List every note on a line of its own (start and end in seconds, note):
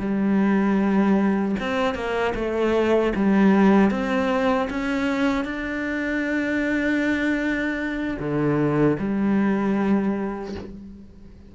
0.00 1.56 G3
1.60 1.95 C4
1.95 2.34 A#3
2.35 3.13 A3
3.16 3.91 G3
3.91 4.69 C4
4.70 5.45 C#4
5.45 8.18 D4
8.20 8.98 D3
9.00 10.55 G3